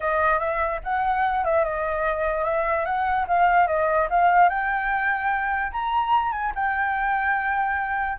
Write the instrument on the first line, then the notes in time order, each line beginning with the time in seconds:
flute
0.00 D#5
0.39 E5
0.83 F#5
1.45 E5
1.64 D#5
2.44 E5
2.85 F#5
3.27 F5
3.67 D#5
4.09 F5
4.49 G5
5.72 A#5
6.32 G#5
6.55 G5